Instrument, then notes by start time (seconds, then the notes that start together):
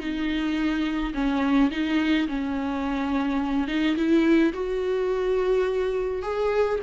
viola
0.00 D#4
1.14 C#4
1.71 D#4
2.28 C#4
3.68 D#4
3.96 E4
4.53 F#4
6.23 G#4